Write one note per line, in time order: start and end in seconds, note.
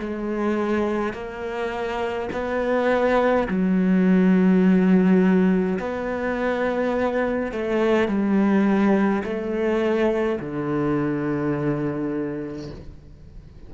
0.00 1.13 G#3
1.13 2.29 A#3
2.32 3.48 B3
3.48 5.78 F#3
5.79 7.52 B3
7.52 8.08 A3
8.08 9.24 G3
9.24 10.40 A3
10.40 12.71 D3